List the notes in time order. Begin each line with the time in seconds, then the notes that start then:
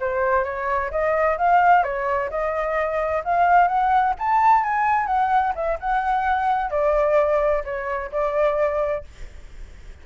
0.00 C5
0.44 C#5
0.90 D#5
1.37 F5
1.83 C#5
2.30 D#5
3.24 F5
3.67 F#5
4.19 A5
4.63 G#5
5.06 F#5
5.55 E5
5.80 F#5
6.70 D5
7.64 C#5
8.11 D5